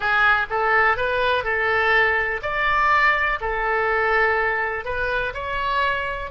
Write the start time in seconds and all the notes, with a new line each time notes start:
0.00 G#4
0.49 A4
0.97 B4
1.43 A4
2.42 D5
3.40 A4
4.84 B4
5.34 C#5